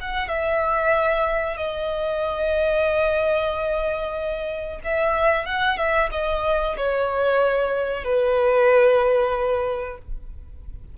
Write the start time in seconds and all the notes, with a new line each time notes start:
0.00 F#5
0.28 E5
1.57 D#5
4.84 E5
5.46 F#5
5.77 E5
6.11 D#5
6.77 C#5
8.04 B4